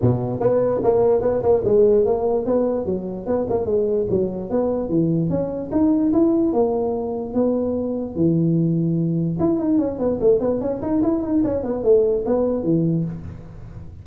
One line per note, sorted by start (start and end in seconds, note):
0.01 0.40 B2
0.40 0.80 B3
0.83 1.21 A#3
1.21 1.42 B3
1.42 1.62 A#3
1.64 2.05 G#3
2.05 2.45 A#3
2.45 2.85 B3
2.85 3.26 F#3
3.26 3.46 B3
3.49 3.65 A#3
3.65 4.06 G#3
4.09 4.50 F#3
4.50 4.89 B3
4.89 5.29 E3
5.29 5.70 C#4
5.71 6.12 D#4
6.12 6.53 E4
6.53 7.34 A#3
7.34 8.15 B3
8.15 9.37 E3
9.39 9.59 E4
9.59 9.78 D#4
9.78 9.98 C#4
9.98 10.19 B3
10.20 10.40 A3
10.40 10.60 B3
10.60 10.81 C#4
10.81 11.02 D#4
11.02 11.22 E4
11.22 11.42 D#4
11.43 11.63 C#4
11.63 11.83 B3
11.83 12.24 A3
12.25 12.63 B3
12.63 13.04 E3